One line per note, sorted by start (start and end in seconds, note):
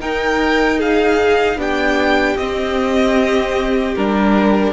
0.00 1.58 D#4
0.00 1.56 D#4
0.00 0.79 A#4
0.00 0.80 G5
0.79 1.58 G#4
0.79 1.60 F5
1.56 2.35 B3
1.56 2.37 D4
1.56 4.73 G4
1.56 2.37 G5
2.37 3.95 C4
2.37 3.97 C4
2.37 3.95 D#5
3.95 4.73 G3
3.95 4.73 D4
3.95 4.73 A#4